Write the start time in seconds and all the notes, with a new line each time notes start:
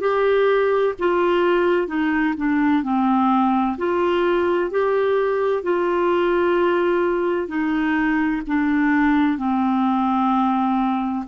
0.00 G4
0.99 F4
1.87 D#4
2.37 D4
2.83 C4
3.78 F4
4.70 G4
5.63 F4
7.48 D#4
8.47 D4
9.38 C4